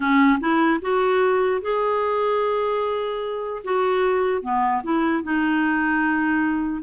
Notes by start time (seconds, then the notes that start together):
0.00 C#4
0.40 E4
0.81 F#4
1.61 G#4
3.64 F#4
4.42 B3
4.83 E4
5.23 D#4